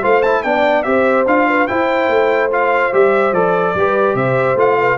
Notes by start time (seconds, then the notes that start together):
0.00 A3 F4 C5 F5
0.22 E4 A5
0.42 B3 D4 D5 G5
0.82 C4 G4 C5 E5
1.26 D4 F4 F5
1.48 B4
1.67 E4 C5 G5
2.07 A3
2.51 F4 F5
2.92 G3 G4 E5
3.32 F3 A4 D5
3.75 G3 G4 B4
4.14 C3 C5 E5
4.55 A3 F4 F5
4.79 B4